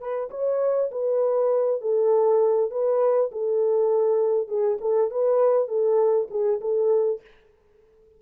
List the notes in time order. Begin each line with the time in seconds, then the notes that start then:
0.00 B4
0.30 C#5
0.91 B4
1.81 A4
2.71 B4
3.31 A4
4.48 G#4
4.81 A4
5.11 B4
5.68 A4
6.30 G#4
6.61 A4